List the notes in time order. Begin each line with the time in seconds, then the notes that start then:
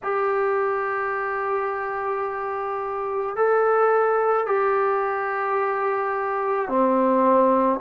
0.03 G4
3.35 A4
4.46 G4
6.68 C4